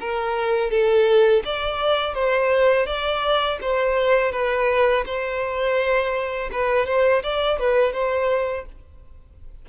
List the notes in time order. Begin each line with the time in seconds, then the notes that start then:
0.00 A#4
0.70 A4
1.45 D5
2.14 C5
2.86 D5
3.61 C5
4.32 B4
5.06 C5
6.52 B4
6.86 C5
7.23 D5
7.59 B4
7.93 C5